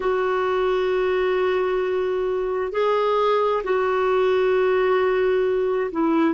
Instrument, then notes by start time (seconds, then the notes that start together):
clarinet
0.00 F#4
2.71 G#4
3.63 F#4
5.91 E4